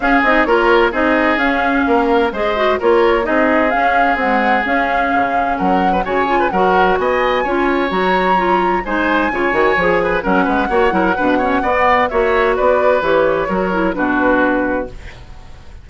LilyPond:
<<
  \new Staff \with { instrumentName = "flute" } { \time 4/4 \tempo 4 = 129 f''8 dis''8 cis''4 dis''4 f''4~ | f''4 dis''4 cis''4 dis''4 | f''4 fis''4 f''2 | fis''4 gis''4 fis''4 gis''4~ |
gis''4 ais''2 gis''4~ | gis''2 fis''2~ | fis''2 e''4 d''4 | cis''2 b'2 | }
  \new Staff \with { instrumentName = "oboe" } { \time 4/4 gis'4 ais'4 gis'2 | ais'4 c''4 ais'4 gis'4~ | gis'1 | ais'8. b'16 cis''8. b'16 ais'4 dis''4 |
cis''2. c''4 | cis''4. b'8 ais'8 b'8 cis''8 ais'8 | b'8 cis''8 d''4 cis''4 b'4~ | b'4 ais'4 fis'2 | }
  \new Staff \with { instrumentName = "clarinet" } { \time 4/4 cis'8 dis'8 f'4 dis'4 cis'4~ | cis'4 gis'8 fis'8 f'4 dis'4 | cis'4 gis4 cis'2~ | cis'4 fis'8 f'8 fis'2 |
f'4 fis'4 f'4 dis'4 | f'8 fis'8 gis'4 cis'4 fis'8 e'8 | d'8 cis'8 b4 fis'2 | g'4 fis'8 e'8 d'2 | }
  \new Staff \with { instrumentName = "bassoon" } { \time 4/4 cis'8 c'8 ais4 c'4 cis'4 | ais4 gis4 ais4 c'4 | cis'4 c'4 cis'4 cis4 | fis4 cis4 fis4 b4 |
cis'4 fis2 gis4 | cis8 dis8 f4 fis8 gis8 ais8 fis8 | b,4 b4 ais4 b4 | e4 fis4 b,2 | }
>>